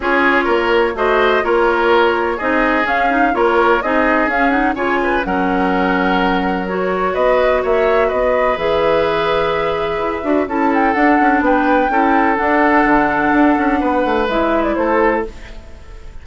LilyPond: <<
  \new Staff \with { instrumentName = "flute" } { \time 4/4 \tempo 4 = 126 cis''2 dis''4 cis''4~ | cis''4 dis''4 f''4 cis''4 | dis''4 f''8 fis''8 gis''4 fis''4~ | fis''2 cis''4 dis''4 |
e''4 dis''4 e''2~ | e''2 a''8 g''8 fis''4 | g''2 fis''2~ | fis''2 e''8. d''16 c''4 | }
  \new Staff \with { instrumentName = "oboe" } { \time 4/4 gis'4 ais'4 c''4 ais'4~ | ais'4 gis'2 ais'4 | gis'2 cis''8 b'8 ais'4~ | ais'2. b'4 |
cis''4 b'2.~ | b'2 a'2 | b'4 a'2.~ | a'4 b'2 a'4 | }
  \new Staff \with { instrumentName = "clarinet" } { \time 4/4 f'2 fis'4 f'4~ | f'4 dis'4 cis'8 dis'8 f'4 | dis'4 cis'8 dis'8 f'4 cis'4~ | cis'2 fis'2~ |
fis'2 gis'2~ | gis'4. fis'8 e'4 d'4~ | d'4 e'4 d'2~ | d'2 e'2 | }
  \new Staff \with { instrumentName = "bassoon" } { \time 4/4 cis'4 ais4 a4 ais4~ | ais4 c'4 cis'4 ais4 | c'4 cis'4 cis4 fis4~ | fis2. b4 |
ais4 b4 e2~ | e4 e'8 d'8 cis'4 d'8 cis'8 | b4 cis'4 d'4 d4 | d'8 cis'8 b8 a8 gis4 a4 | }
>>